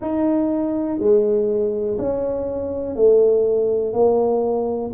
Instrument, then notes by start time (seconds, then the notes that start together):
tuba
0.00 D#4
0.99 G#3
1.98 C#4
2.95 A3
3.93 A#3